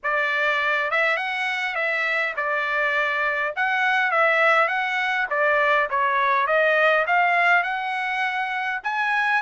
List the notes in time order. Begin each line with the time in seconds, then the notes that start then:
0.03 D5
0.90 E5
1.16 F#5
1.75 E5
2.36 D5
3.56 F#5
4.11 E5
4.68 F#5
5.29 D5
5.90 C#5
6.47 D#5
7.06 F5
7.63 F#5
8.83 G#5